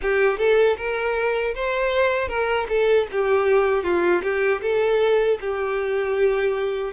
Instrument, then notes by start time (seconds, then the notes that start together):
violin
0.02 G4
0.38 A4
0.77 A#4
1.54 C5
2.28 A#4
2.68 A4
3.11 G4
3.83 F4
4.22 G4
4.61 A4
5.41 G4